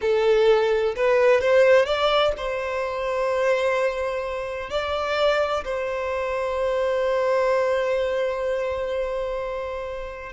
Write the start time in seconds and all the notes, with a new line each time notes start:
0.01 A4
0.95 B4
1.40 C5
1.85 D5
2.37 C5
4.70 D5
5.64 C5